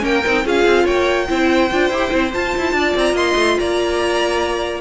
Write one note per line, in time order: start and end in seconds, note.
0.00 0.25 A#3
0.00 0.21 C#4
0.00 0.45 A#4
0.00 0.46 G5
0.26 0.46 C4
0.26 0.44 D#4
0.44 0.66 C#4
0.44 1.27 F4
0.44 0.85 G#4
0.44 0.87 F5
0.66 0.87 C4
0.85 1.29 A#3
0.85 1.26 C#5
0.85 2.33 G5
1.29 1.72 C4
1.29 1.70 E4
1.29 2.76 C5
1.72 1.90 D4
1.72 1.93 F4
1.90 2.11 E4
1.90 2.11 G4
2.11 2.34 C4
2.11 2.32 E4
2.33 4.82 F4
2.33 2.57 F4
2.33 2.96 A5
2.57 2.73 E4
2.73 2.94 D4
2.73 3.15 D5
2.96 3.13 C4
2.96 3.17 A#5
3.13 3.34 A#3
3.13 3.56 D#5
3.13 3.59 C6
3.36 3.56 A3
3.59 4.82 A#3
3.59 4.82 D5
3.59 4.82 A#5